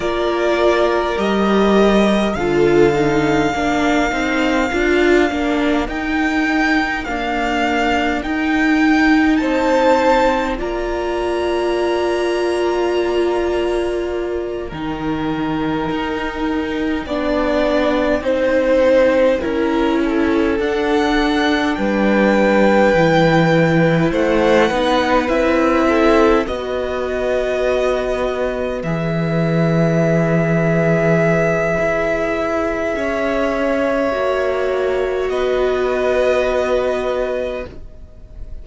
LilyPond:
<<
  \new Staff \with { instrumentName = "violin" } { \time 4/4 \tempo 4 = 51 d''4 dis''4 f''2~ | f''4 g''4 f''4 g''4 | a''4 ais''2.~ | ais''8 g''2.~ g''8~ |
g''4. fis''4 g''4.~ | g''8 fis''4 e''4 dis''4.~ | dis''8 e''2.~ e''8~ | e''2 dis''2 | }
  \new Staff \with { instrumentName = "violin" } { \time 4/4 ais'2 a'4 ais'4~ | ais'1 | c''4 d''2.~ | d''8 ais'2 d''4 c''8~ |
c''8 ais'8 a'4. b'4.~ | b'8 c''8 b'4 a'8 b'4.~ | b'1 | cis''2 b'2 | }
  \new Staff \with { instrumentName = "viola" } { \time 4/4 f'4 g'4 f'8 dis'8 d'8 dis'8 | f'8 d'8 dis'4 ais4 dis'4~ | dis'4 f'2.~ | f'8 dis'2 d'4 dis'8~ |
dis'8 e'4 d'2 e'8~ | e'4 dis'8 e'4 fis'4.~ | fis'8 gis'2.~ gis'8~ | gis'4 fis'2. | }
  \new Staff \with { instrumentName = "cello" } { \time 4/4 ais4 g4 d4 ais8 c'8 | d'8 ais8 dis'4 d'4 dis'4 | c'4 ais2.~ | ais8 dis4 dis'4 b4 c'8~ |
c'8 cis'4 d'4 g4 e8~ | e8 a8 b8 c'4 b4.~ | b8 e2~ e8 e'4 | cis'4 ais4 b2 | }
>>